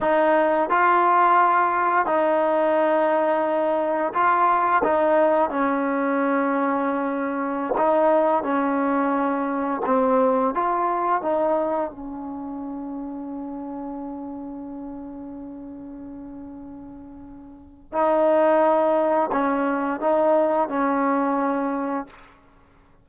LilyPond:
\new Staff \with { instrumentName = "trombone" } { \time 4/4 \tempo 4 = 87 dis'4 f'2 dis'4~ | dis'2 f'4 dis'4 | cis'2.~ cis'16 dis'8.~ | dis'16 cis'2 c'4 f'8.~ |
f'16 dis'4 cis'2~ cis'8.~ | cis'1~ | cis'2 dis'2 | cis'4 dis'4 cis'2 | }